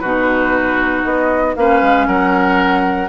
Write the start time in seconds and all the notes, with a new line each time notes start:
0.00 B2 D#4 F#4 B4
1.05 B3 D#5
1.56 A#3 C#4 B4 F5
1.82 G#3
2.07 F#3 A#4 F#5